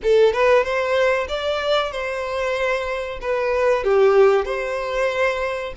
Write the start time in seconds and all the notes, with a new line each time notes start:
0.03 A4
0.33 B4
0.63 C5
1.28 D5
1.91 C5
3.21 B4
3.84 G4
4.45 C5